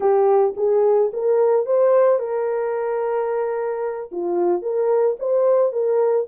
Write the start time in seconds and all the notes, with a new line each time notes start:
0.00 G4
0.57 G#4
1.13 A#4
1.66 C5
2.19 A#4
4.11 F4
4.62 A#4
5.19 C5
5.72 A#4